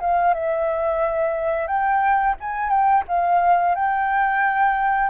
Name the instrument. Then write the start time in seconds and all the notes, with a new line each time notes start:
flute
0.00 F5
0.34 E5
1.67 G5
2.40 G#5
2.70 G5
3.08 F5
3.75 G5